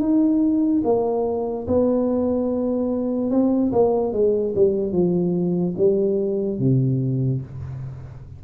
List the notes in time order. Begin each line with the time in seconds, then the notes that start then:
0.00 D#4
0.84 A#3
1.67 B3
3.31 C4
3.72 A#3
4.13 G#3
4.55 G3
4.92 F3
5.77 G3
6.59 C3